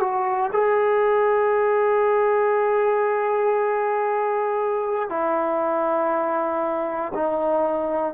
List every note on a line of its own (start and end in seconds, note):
0.00 0.51 F#4
0.53 5.09 G#4
5.09 7.13 E4
7.14 8.14 D#4